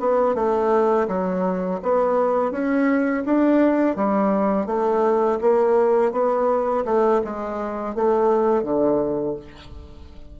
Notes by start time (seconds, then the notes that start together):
0.00 B3
0.35 A3
1.08 F#3
1.83 B3
2.51 C#4
3.25 D4
3.96 G3
4.66 A3
5.41 A#3
6.12 B3
6.85 A3
7.24 G#3
7.95 A3
8.63 D3